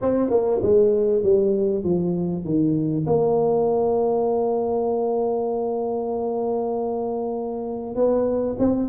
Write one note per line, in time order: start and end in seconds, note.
0.01 0.30 C4
0.30 0.60 A#3
0.62 1.22 G#3
1.22 1.83 G3
1.83 2.44 F3
2.44 3.05 D#3
3.06 7.95 A#3
7.95 8.56 B3
8.58 8.89 C4